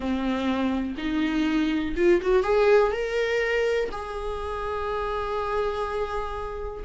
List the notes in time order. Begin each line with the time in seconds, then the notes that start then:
0.00 C4
0.97 D#4
1.96 F4
2.21 F#4
2.43 G#4
2.92 A#4
3.91 G#4